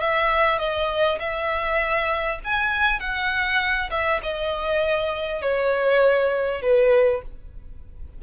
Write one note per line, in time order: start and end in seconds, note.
0.00 0.58 E5
0.58 1.18 D#5
1.19 2.39 E5
2.44 3.00 G#5
3.00 3.90 F#5
3.91 4.21 E5
4.22 5.42 D#5
5.42 6.62 C#5
6.62 7.22 B4